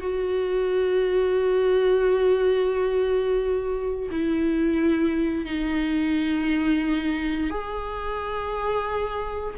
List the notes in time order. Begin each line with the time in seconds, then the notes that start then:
0.00 F#4
4.11 E4
5.45 D#4
7.50 G#4